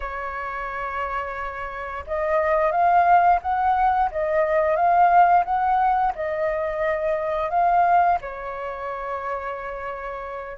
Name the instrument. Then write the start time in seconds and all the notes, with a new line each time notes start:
flute
0.00 C#5
2.06 D#5
2.71 F5
3.42 F#5
4.11 D#5
4.75 F5
5.44 F#5
6.15 D#5
7.50 F5
8.21 C#5